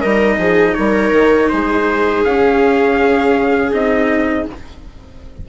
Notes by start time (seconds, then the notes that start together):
0.00 G3 D#4 A#4 D#5
0.37 F3 G#4
0.74 G3 A#4 C#5
1.11 D#3
1.49 G#3 G#4 C5
2.24 C#4 F5
3.72 C4 D#4 D#5